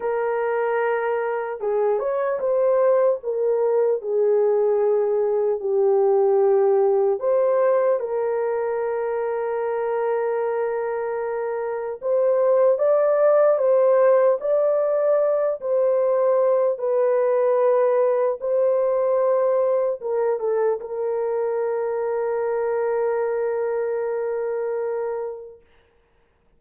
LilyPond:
\new Staff \with { instrumentName = "horn" } { \time 4/4 \tempo 4 = 75 ais'2 gis'8 cis''8 c''4 | ais'4 gis'2 g'4~ | g'4 c''4 ais'2~ | ais'2. c''4 |
d''4 c''4 d''4. c''8~ | c''4 b'2 c''4~ | c''4 ais'8 a'8 ais'2~ | ais'1 | }